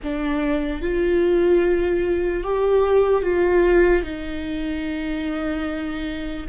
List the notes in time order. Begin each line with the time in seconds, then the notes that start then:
0.03 D4
0.81 F4
2.43 G4
3.22 F4
4.03 D#4